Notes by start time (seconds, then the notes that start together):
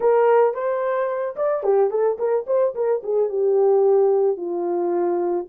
0.00 A#4
0.54 C5
1.36 D5
1.63 G4
1.90 A4
2.18 A#4
2.47 C5
2.74 A#4
3.03 G#4
3.29 G4
4.36 F4